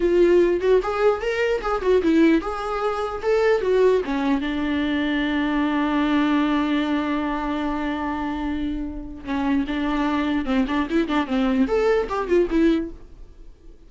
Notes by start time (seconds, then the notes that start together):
0.00 F4
0.60 F#4
0.82 G#4
1.21 A#4
1.61 G#4
1.81 F#4
2.02 E4
2.41 G#4
3.22 A4
3.61 F#4
4.04 C#4
4.41 D4
9.24 C#4
9.67 D4
10.45 C4
10.67 D4
10.90 E4
11.08 D4
11.27 C4
11.67 A4
12.09 G4
12.27 F4
12.50 E4